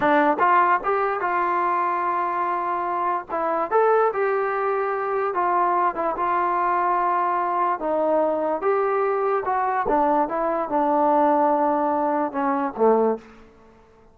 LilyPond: \new Staff \with { instrumentName = "trombone" } { \time 4/4 \tempo 4 = 146 d'4 f'4 g'4 f'4~ | f'1 | e'4 a'4 g'2~ | g'4 f'4. e'8 f'4~ |
f'2. dis'4~ | dis'4 g'2 fis'4 | d'4 e'4 d'2~ | d'2 cis'4 a4 | }